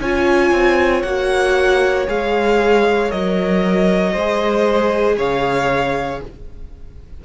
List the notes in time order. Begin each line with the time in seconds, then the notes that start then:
0.00 C#4 F4 C#5 G#5
0.51 C4
1.03 A#3 F#4 F#5
2.08 G#3 G#4 F5
3.10 F#3 A#4 D#5
4.13 G#3 G#4 C5
5.18 C#3 C#5 F5